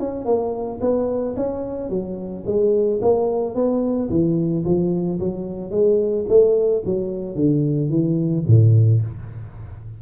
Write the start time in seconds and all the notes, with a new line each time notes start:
0.00 C#4
0.25 A#3
0.81 B3
1.36 C#4
1.90 F#3
2.46 G#3
3.02 A#3
3.55 B3
4.10 E3
4.65 F3
5.20 F#3
5.71 G#3
6.29 A3
6.86 F#3
7.35 D3
7.90 E3
8.47 A2